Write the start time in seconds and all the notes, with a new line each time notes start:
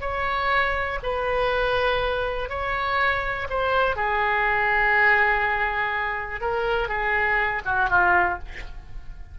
0.00 C#5
1.03 B4
2.49 C#5
3.49 C5
3.96 G#4
6.41 A#4
6.88 G#4
7.65 F#4
7.89 F4